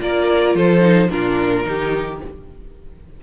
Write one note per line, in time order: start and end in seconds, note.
0.00 0.54 A#3
0.00 0.80 F4
0.00 0.56 A#4
0.00 0.55 D5
0.54 1.09 F3
0.54 1.10 A4
0.54 1.10 C5
0.80 1.08 D#4
1.08 1.65 A#2
1.08 1.63 D4
1.08 1.65 F4
1.08 2.20 A#4
1.63 2.21 D#3
1.63 2.18 D#4
1.63 2.23 G4